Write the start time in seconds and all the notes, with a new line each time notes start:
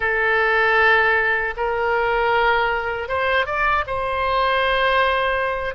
0.00 A4
1.56 A#4
3.08 C5
3.46 D5
3.86 C5